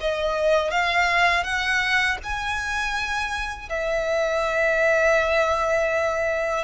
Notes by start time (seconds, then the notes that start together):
0.00 D#5
0.71 F5
1.43 F#5
2.23 G#5
3.69 E5